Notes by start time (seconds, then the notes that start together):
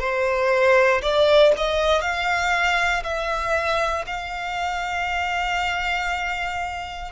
0.00 C5
1.02 D5
1.57 D#5
2.02 F5
3.04 E5
4.07 F5